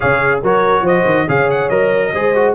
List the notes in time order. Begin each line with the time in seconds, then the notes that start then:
0.00 C#3 G#4 C#5 F5
0.42 F#3 F#4 A#4 C#5
0.81 F3 C5 D#5
1.05 D#3
1.27 C#3 G#4 C#5 F5
1.50 F#5
1.69 F#3 A#4 D#5
2.13 G#3 G#4 C5
2.35 F#4